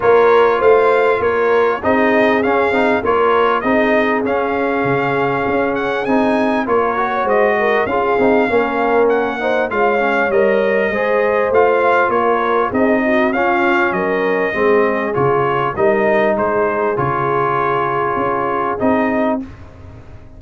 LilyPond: <<
  \new Staff \with { instrumentName = "trumpet" } { \time 4/4 \tempo 4 = 99 cis''4 f''4 cis''4 dis''4 | f''4 cis''4 dis''4 f''4~ | f''4. fis''8 gis''4 cis''4 | dis''4 f''2 fis''4 |
f''4 dis''2 f''4 | cis''4 dis''4 f''4 dis''4~ | dis''4 cis''4 dis''4 c''4 | cis''2. dis''4 | }
  \new Staff \with { instrumentName = "horn" } { \time 4/4 ais'4 c''4 ais'4 gis'4~ | gis'4 ais'4 gis'2~ | gis'2. ais'8. cis''16 | c''8 ais'8 gis'4 ais'4. c''8 |
cis''2 c''2 | ais'4 gis'8 fis'8 f'4 ais'4 | gis'2 ais'4 gis'4~ | gis'1 | }
  \new Staff \with { instrumentName = "trombone" } { \time 4/4 f'2. dis'4 | cis'8 dis'8 f'4 dis'4 cis'4~ | cis'2 dis'4 f'8 fis'8~ | fis'4 f'8 dis'8 cis'4. dis'8 |
f'8 cis'8 ais'4 gis'4 f'4~ | f'4 dis'4 cis'2 | c'4 f'4 dis'2 | f'2. dis'4 | }
  \new Staff \with { instrumentName = "tuba" } { \time 4/4 ais4 a4 ais4 c'4 | cis'8 c'8 ais4 c'4 cis'4 | cis4 cis'4 c'4 ais4 | gis4 cis'8 c'8 ais2 |
gis4 g4 gis4 a4 | ais4 c'4 cis'4 fis4 | gis4 cis4 g4 gis4 | cis2 cis'4 c'4 | }
>>